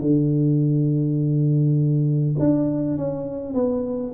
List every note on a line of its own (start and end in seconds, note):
0.00 2.35 D3
2.39 2.97 D4
2.97 3.54 C#4
3.54 4.13 B3